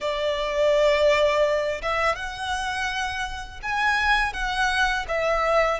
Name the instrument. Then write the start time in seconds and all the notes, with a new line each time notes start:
violin
0.00 D5
1.82 E5
2.15 F#5
3.62 G#5
4.33 F#5
5.08 E5